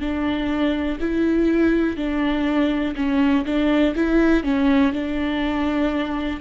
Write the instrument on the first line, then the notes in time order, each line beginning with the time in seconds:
viola
0.00 D4
1.00 E4
1.97 D4
2.96 C#4
3.45 D4
3.95 E4
4.44 C#4
4.93 D4